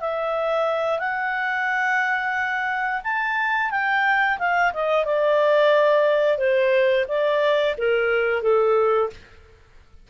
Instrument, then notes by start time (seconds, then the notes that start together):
clarinet
0.00 E5
0.99 F#5
3.04 A5
3.70 G5
4.39 F5
4.73 D#5
5.05 D5
6.37 C5
7.08 D5
7.77 A#4
8.42 A4